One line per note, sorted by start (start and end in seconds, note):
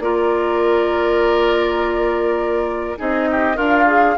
0.00 2.97 A#3
0.00 2.98 F4
0.00 2.99 A#4
0.00 2.98 D5
2.98 3.58 C4
2.98 3.55 D#4
2.98 3.28 G#4
2.98 3.59 D#5
3.31 3.56 G4
3.55 4.17 D4
3.55 4.16 F4
3.55 3.85 A#4
3.55 4.18 F5
3.87 4.17 G#4